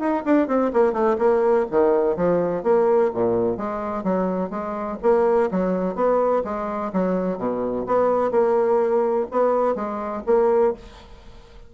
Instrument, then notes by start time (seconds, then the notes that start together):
bassoon
0.00 D#4
0.26 D4
0.48 C4
0.74 A#3
0.93 A3
1.19 A#3
1.71 D#3
2.17 F3
2.64 A#3
3.15 A#2
3.58 G#3
4.04 F#3
4.50 G#3
5.03 A#3
5.52 F#3
5.96 B3
6.45 G#3
6.93 F#3
7.39 B2
7.87 B3
8.32 A#3
9.32 B3
9.76 G#3
10.27 A#3